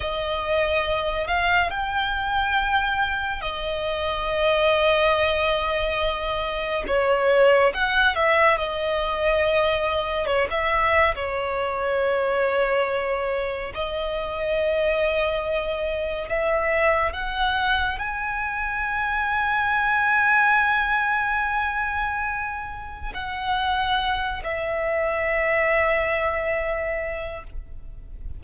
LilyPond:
\new Staff \with { instrumentName = "violin" } { \time 4/4 \tempo 4 = 70 dis''4. f''8 g''2 | dis''1 | cis''4 fis''8 e''8 dis''2 | cis''16 e''8. cis''2. |
dis''2. e''4 | fis''4 gis''2.~ | gis''2. fis''4~ | fis''8 e''2.~ e''8 | }